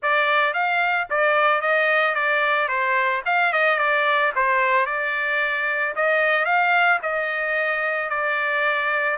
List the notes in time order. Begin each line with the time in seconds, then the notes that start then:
0.02 D5
0.53 F5
1.10 D5
1.61 D#5
2.14 D5
2.68 C5
3.25 F5
3.53 D#5
3.78 D5
4.35 C5
4.86 D5
5.95 D#5
6.45 F5
7.02 D#5
8.09 D5